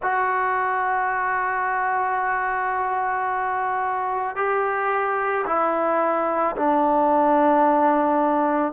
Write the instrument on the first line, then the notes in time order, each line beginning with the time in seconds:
trombone
0.02 F#4
4.36 G4
5.46 E4
6.56 D4